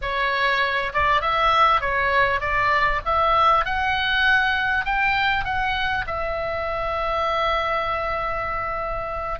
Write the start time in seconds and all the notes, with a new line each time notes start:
0.01 C#5
0.93 D5
1.21 E5
1.80 C#5
2.40 D5
3.05 E5
3.65 F#5
4.85 G5
5.44 F#5
6.06 E5